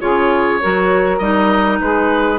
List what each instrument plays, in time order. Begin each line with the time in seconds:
0.00 bassoon C#3, clarinet F4, saxophone G#4, oboe C#5
0.61 bassoon F#3, clarinet F#4, saxophone A#4
1.18 bassoon G3, clarinet D#4, oboe D#5
1.81 bassoon G#3, saxophone G#4, oboe B4